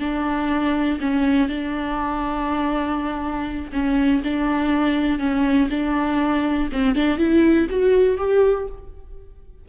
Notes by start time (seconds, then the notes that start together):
0.00 D4
1.01 C#4
1.49 D4
3.73 C#4
4.24 D4
5.19 C#4
5.70 D4
6.73 C4
6.96 D4
7.18 E4
7.70 F#4
8.18 G4